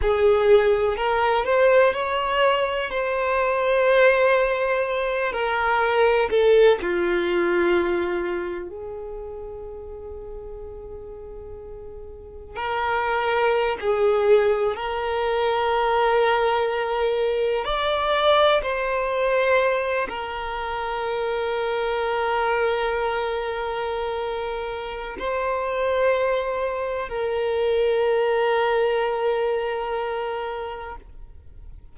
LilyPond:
\new Staff \with { instrumentName = "violin" } { \time 4/4 \tempo 4 = 62 gis'4 ais'8 c''8 cis''4 c''4~ | c''4. ais'4 a'8 f'4~ | f'4 gis'2.~ | gis'4 ais'4~ ais'16 gis'4 ais'8.~ |
ais'2~ ais'16 d''4 c''8.~ | c''8. ais'2.~ ais'16~ | ais'2 c''2 | ais'1 | }